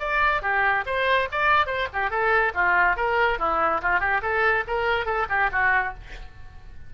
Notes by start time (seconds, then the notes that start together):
0.00 D5
0.42 G4
0.86 C5
1.32 D5
1.67 C5
1.93 G4
2.11 A4
2.55 F4
2.97 A#4
3.39 E4
3.82 F4
4.00 G4
4.22 A4
4.68 A#4
5.06 A4
5.30 G4
5.52 F#4